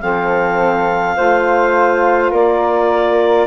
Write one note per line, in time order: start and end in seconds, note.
0.00 1.17 F3
0.00 1.15 C4
0.00 1.17 A4
0.00 2.31 F5
1.17 2.32 A3
1.17 3.47 F4
1.17 2.31 C5
2.31 3.47 A#3
2.31 3.46 A#4
2.31 3.47 D5